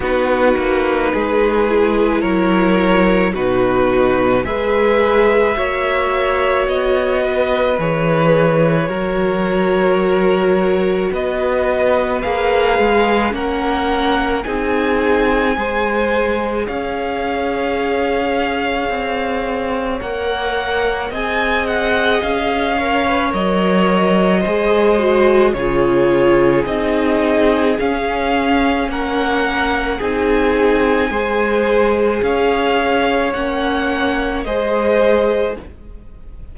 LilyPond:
<<
  \new Staff \with { instrumentName = "violin" } { \time 4/4 \tempo 4 = 54 b'2 cis''4 b'4 | e''2 dis''4 cis''4~ | cis''2 dis''4 f''4 | fis''4 gis''2 f''4~ |
f''2 fis''4 gis''8 fis''8 | f''4 dis''2 cis''4 | dis''4 f''4 fis''4 gis''4~ | gis''4 f''4 fis''4 dis''4 | }
  \new Staff \with { instrumentName = "violin" } { \time 4/4 fis'4 gis'4 ais'4 fis'4 | b'4 cis''4. b'4. | ais'2 b'2 | ais'4 gis'4 c''4 cis''4~ |
cis''2. dis''4~ | dis''8 cis''4. c''4 gis'4~ | gis'2 ais'4 gis'4 | c''4 cis''2 c''4 | }
  \new Staff \with { instrumentName = "viola" } { \time 4/4 dis'4. e'4. dis'4 | gis'4 fis'2 gis'4 | fis'2. gis'4 | cis'4 dis'4 gis'2~ |
gis'2 ais'4 gis'4~ | gis'8 ais'16 b'16 ais'4 gis'8 fis'8 f'4 | dis'4 cis'2 dis'4 | gis'2 cis'4 gis'4 | }
  \new Staff \with { instrumentName = "cello" } { \time 4/4 b8 ais8 gis4 fis4 b,4 | gis4 ais4 b4 e4 | fis2 b4 ais8 gis8 | ais4 c'4 gis4 cis'4~ |
cis'4 c'4 ais4 c'4 | cis'4 fis4 gis4 cis4 | c'4 cis'4 ais4 c'4 | gis4 cis'4 ais4 gis4 | }
>>